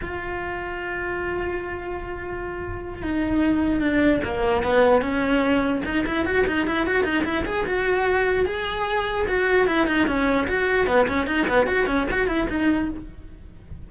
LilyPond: \new Staff \with { instrumentName = "cello" } { \time 4/4 \tempo 4 = 149 f'1~ | f'2.~ f'8 dis'8~ | dis'4. d'4 ais4 b8~ | b8 cis'2 dis'8 e'8 fis'8 |
dis'8 e'8 fis'8 dis'8 e'8 gis'8 fis'4~ | fis'4 gis'2 fis'4 | e'8 dis'8 cis'4 fis'4 b8 cis'8 | dis'8 b8 fis'8 cis'8 fis'8 e'8 dis'4 | }